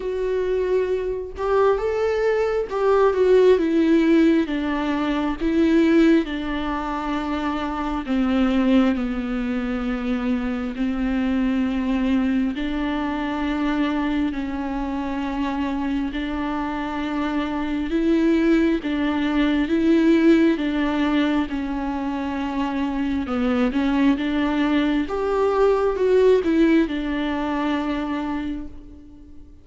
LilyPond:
\new Staff \with { instrumentName = "viola" } { \time 4/4 \tempo 4 = 67 fis'4. g'8 a'4 g'8 fis'8 | e'4 d'4 e'4 d'4~ | d'4 c'4 b2 | c'2 d'2 |
cis'2 d'2 | e'4 d'4 e'4 d'4 | cis'2 b8 cis'8 d'4 | g'4 fis'8 e'8 d'2 | }